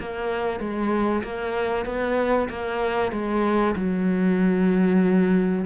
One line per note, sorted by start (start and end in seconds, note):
0.00 0.60 A#3
0.60 1.23 G#3
1.23 1.85 A#3
1.85 2.48 B3
2.49 3.12 A#3
3.12 3.75 G#3
3.76 5.65 F#3